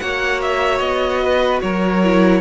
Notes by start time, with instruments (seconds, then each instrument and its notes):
0.00 cello A#3, viola F#4, violin C#5 F#5
0.42 violin E5
0.79 cello B3, violin D#5
1.22 violin B4
1.61 cello F#3, violin A#4 C#5
2.04 viola E4